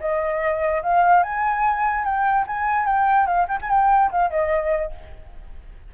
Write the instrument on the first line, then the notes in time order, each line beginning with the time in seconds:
flute
0.00 D#5
0.82 F5
1.23 G#5
2.04 G5
2.47 G#5
2.86 G5
3.26 F5
3.48 G5
3.61 G#5
3.70 G5
4.11 F5
4.30 D#5